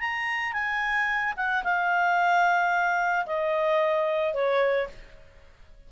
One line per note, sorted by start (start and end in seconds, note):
0.00 0.53 A#5
0.53 1.34 G#5
1.36 1.63 F#5
1.64 3.26 F5
3.26 4.34 D#5
4.34 4.88 C#5